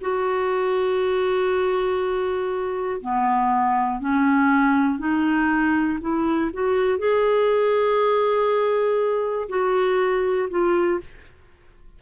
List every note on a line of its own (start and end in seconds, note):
0.00 3.00 F#4
3.00 4.00 B3
4.00 4.99 C#4
4.99 5.99 D#4
6.00 6.50 E4
6.53 6.98 F#4
6.98 9.48 G#4
9.49 10.49 F#4
10.50 11.00 F4